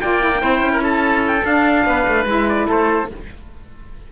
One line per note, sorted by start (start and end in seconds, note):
0.00 0.43 A#3
0.00 0.21 F4
0.00 0.41 D5
0.00 0.82 G5
0.21 0.31 E4
0.35 0.39 D4
0.35 1.42 E4
0.41 0.59 C4
0.41 0.72 C5
0.59 1.42 C#4
0.72 0.83 A#4
0.83 1.85 A4
0.83 1.24 A5
1.27 1.45 G5
1.44 1.85 D4
1.44 2.27 D4
1.44 2.27 F5
1.86 2.07 B3
1.86 2.68 B4
2.07 2.25 A3
2.25 2.66 G#3
2.25 3.09 E4
2.25 2.48 E5
2.48 2.69 D5
2.68 3.11 A3
2.68 3.09 A4
2.68 3.12 C5